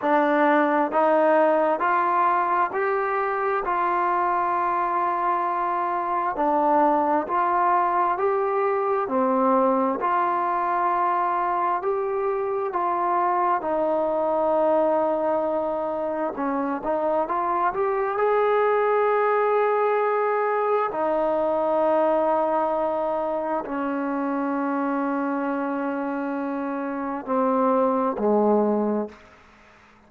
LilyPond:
\new Staff \with { instrumentName = "trombone" } { \time 4/4 \tempo 4 = 66 d'4 dis'4 f'4 g'4 | f'2. d'4 | f'4 g'4 c'4 f'4~ | f'4 g'4 f'4 dis'4~ |
dis'2 cis'8 dis'8 f'8 g'8 | gis'2. dis'4~ | dis'2 cis'2~ | cis'2 c'4 gis4 | }